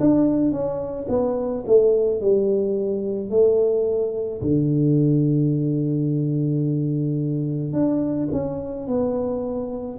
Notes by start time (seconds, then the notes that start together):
0.00 D4
0.52 C#4
1.09 B3
1.66 A3
2.21 G3
3.30 A3
4.42 D3
7.73 D4
8.32 C#4
8.87 B3